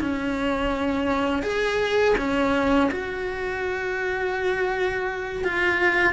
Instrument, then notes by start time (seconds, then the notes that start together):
cello
0.00 C#4
1.42 G#4
2.18 C#4
2.91 F#4
5.44 F4